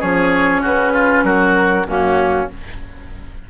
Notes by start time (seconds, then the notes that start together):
0.00 F3 C#4 G#4 C#5
0.62 C#3 F#4 B4
0.93 F4
1.24 F#3 F#4 A#4
1.86 F#2 A#3 C#4 F#4